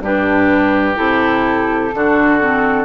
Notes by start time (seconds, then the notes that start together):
0.00 G2 D4 G4 B4
0.95 C3 E4 A4
1.94 D3 D4 F#4
2.40 C4